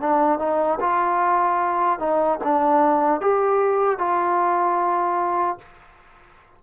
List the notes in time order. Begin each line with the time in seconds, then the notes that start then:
0.00 D4
0.39 D#4
0.80 F4
1.99 D#4
2.43 D4
3.20 G4
3.98 F4